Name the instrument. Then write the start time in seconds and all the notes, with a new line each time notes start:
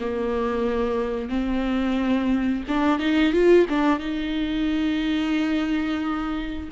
viola
0.00 A#3
1.29 C4
2.68 D4
2.99 D#4
3.33 F4
3.69 D4
4.00 D#4